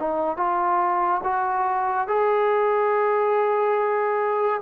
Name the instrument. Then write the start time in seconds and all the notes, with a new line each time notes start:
trombone
0.00 D#4
0.37 F4
1.24 F#4
2.08 G#4